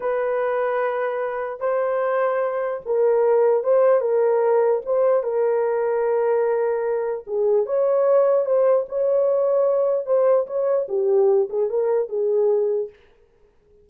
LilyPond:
\new Staff \with { instrumentName = "horn" } { \time 4/4 \tempo 4 = 149 b'1 | c''2. ais'4~ | ais'4 c''4 ais'2 | c''4 ais'2.~ |
ais'2 gis'4 cis''4~ | cis''4 c''4 cis''2~ | cis''4 c''4 cis''4 g'4~ | g'8 gis'8 ais'4 gis'2 | }